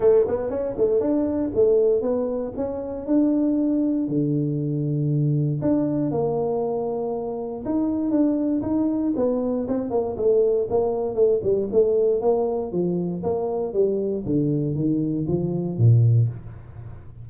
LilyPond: \new Staff \with { instrumentName = "tuba" } { \time 4/4 \tempo 4 = 118 a8 b8 cis'8 a8 d'4 a4 | b4 cis'4 d'2 | d2. d'4 | ais2. dis'4 |
d'4 dis'4 b4 c'8 ais8 | a4 ais4 a8 g8 a4 | ais4 f4 ais4 g4 | d4 dis4 f4 ais,4 | }